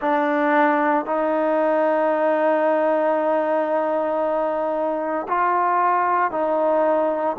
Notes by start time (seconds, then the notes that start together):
0.01 D4
1.05 D#4
5.28 F4
6.31 D#4